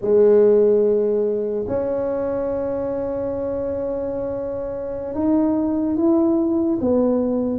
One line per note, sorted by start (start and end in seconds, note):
0.01 1.65 G#3
1.67 5.14 C#4
5.14 5.96 D#4
5.96 6.78 E4
6.80 7.58 B3